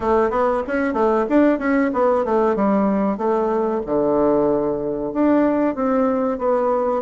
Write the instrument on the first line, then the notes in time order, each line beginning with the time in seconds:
bassoon
0.00 A3
0.30 B3
0.67 C#4
0.93 A3
1.29 D4
1.58 C#4
1.93 B3
2.25 A3
2.55 G3
3.17 A3
3.86 D3
5.13 D4
5.75 C4
6.38 B3